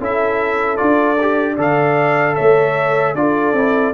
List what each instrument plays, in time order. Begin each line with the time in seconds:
0.00 tuba C#4, trombone E4, horn A4, trumpet E5
0.77 tuba D4, trombone F4, trumpet D5
1.21 trombone G4
1.55 tuba D3, trombone A4, horn D5
1.61 trumpet F5
2.35 tuba A3, horn C#5, trumpet E5
3.15 tuba D4, trombone F4, horn A4, trumpet D5
3.53 tuba C4, trombone E4